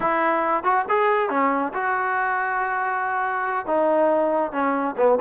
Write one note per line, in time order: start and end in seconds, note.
0.00 0.63 E4
0.63 0.85 F#4
0.88 1.29 G#4
1.29 1.72 C#4
1.73 3.66 F#4
3.66 4.51 D#4
4.51 4.95 C#4
4.97 5.18 B3